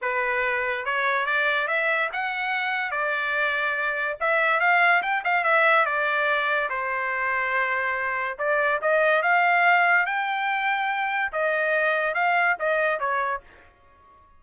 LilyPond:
\new Staff \with { instrumentName = "trumpet" } { \time 4/4 \tempo 4 = 143 b'2 cis''4 d''4 | e''4 fis''2 d''4~ | d''2 e''4 f''4 | g''8 f''8 e''4 d''2 |
c''1 | d''4 dis''4 f''2 | g''2. dis''4~ | dis''4 f''4 dis''4 cis''4 | }